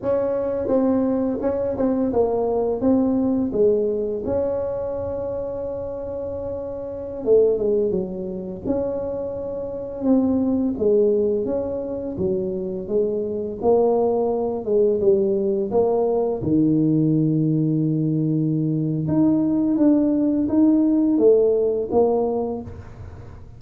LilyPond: \new Staff \with { instrumentName = "tuba" } { \time 4/4 \tempo 4 = 85 cis'4 c'4 cis'8 c'8 ais4 | c'4 gis4 cis'2~ | cis'2~ cis'16 a8 gis8 fis8.~ | fis16 cis'2 c'4 gis8.~ |
gis16 cis'4 fis4 gis4 ais8.~ | ais8. gis8 g4 ais4 dis8.~ | dis2. dis'4 | d'4 dis'4 a4 ais4 | }